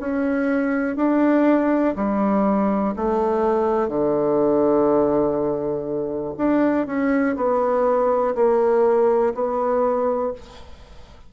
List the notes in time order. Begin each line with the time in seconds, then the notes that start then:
0.00 C#4
0.96 D4
1.96 G3
2.96 A3
3.89 D3
6.38 D4
6.87 C#4
7.36 B3
8.35 A#3
9.34 B3